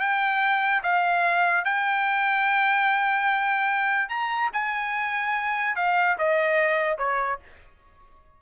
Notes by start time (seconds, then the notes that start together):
0.00 G5
0.83 F5
1.65 G5
4.09 A#5
4.53 G#5
5.76 F5
6.18 D#5
6.98 C#5